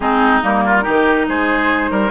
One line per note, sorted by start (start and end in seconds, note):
0.00 0.40 G#3
0.00 0.42 C4
0.00 0.64 D#4
0.00 0.41 G#4
0.42 0.86 G3
0.42 0.82 A#3
0.42 1.28 A#4
0.65 0.83 F4
0.82 2.09 D#4
0.82 1.25 G4
0.88 1.28 D#3
1.28 1.90 G#3
1.28 1.90 G#4
1.28 2.10 C5
1.90 2.10 G3
1.90 2.10 A#4